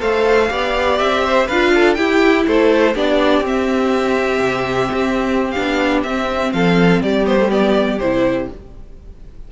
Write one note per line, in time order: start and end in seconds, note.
0.00 0.50 A3
0.00 0.49 A4
0.00 0.49 C5
0.00 0.98 F5
0.49 0.99 B3
0.49 1.47 G4
0.49 1.24 D5
0.98 1.49 C4
0.98 1.47 E5
1.24 1.47 C5
1.47 1.98 D4
1.47 1.96 F4
1.47 1.72 B4
1.47 1.94 F5
1.75 1.98 A4
1.94 2.94 E4
1.94 2.47 E4
1.94 2.47 G4
1.94 2.44 G5
2.47 2.96 A3
2.47 2.94 A4
2.47 2.97 C5
2.94 3.40 B3
2.94 3.44 D4
2.94 6.51 G4
2.94 3.46 D5
3.40 4.39 C4
3.40 5.54 C4
3.47 5.51 E5
4.40 4.89 C3
4.94 5.55 C4
5.51 6.05 D4
5.51 6.00 F5
5.57 6.04 B3
6.03 6.53 C4
6.03 7.26 C4
6.03 6.53 E5
6.53 7.02 F3
6.53 7.03 A4
6.53 7.02 F5
7.02 7.99 G3
7.02 8.51 G4
7.02 7.27 D5
7.26 7.38 B3
7.26 7.51 C5
7.39 7.49 A3
7.49 7.98 B3
7.49 7.99 D5
7.99 8.48 C3
7.99 8.52 E4
7.99 8.49 C5